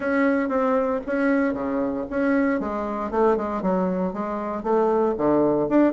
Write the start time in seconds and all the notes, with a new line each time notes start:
0.00 C#4
0.48 C4
1.06 C#4
1.53 C#3
2.09 C#4
2.60 G#3
3.11 A3
3.36 G#3
3.62 F#3
4.13 G#3
4.63 A3
5.17 D3
5.68 D4